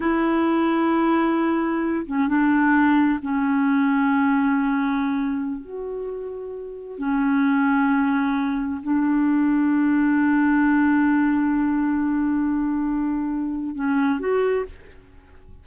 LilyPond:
\new Staff \with { instrumentName = "clarinet" } { \time 4/4 \tempo 4 = 131 e'1~ | e'8 cis'8 d'2 cis'4~ | cis'1~ | cis'16 fis'2. cis'8.~ |
cis'2.~ cis'16 d'8.~ | d'1~ | d'1~ | d'2 cis'4 fis'4 | }